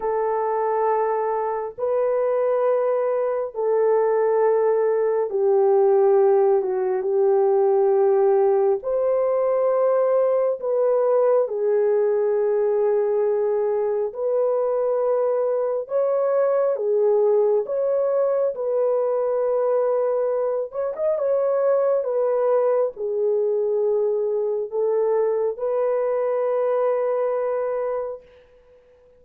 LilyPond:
\new Staff \with { instrumentName = "horn" } { \time 4/4 \tempo 4 = 68 a'2 b'2 | a'2 g'4. fis'8 | g'2 c''2 | b'4 gis'2. |
b'2 cis''4 gis'4 | cis''4 b'2~ b'8 cis''16 dis''16 | cis''4 b'4 gis'2 | a'4 b'2. | }